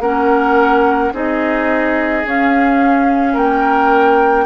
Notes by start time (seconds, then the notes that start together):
0.00 A#3 C#4 A#4 F#5
1.13 C4 D#4 G#4 D#5
2.25 C#4 F5
3.33 A#3 A#4 G5